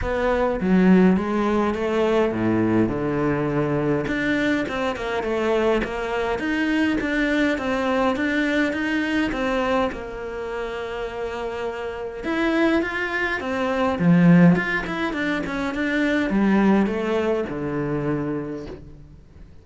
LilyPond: \new Staff \with { instrumentName = "cello" } { \time 4/4 \tempo 4 = 103 b4 fis4 gis4 a4 | a,4 d2 d'4 | c'8 ais8 a4 ais4 dis'4 | d'4 c'4 d'4 dis'4 |
c'4 ais2.~ | ais4 e'4 f'4 c'4 | f4 f'8 e'8 d'8 cis'8 d'4 | g4 a4 d2 | }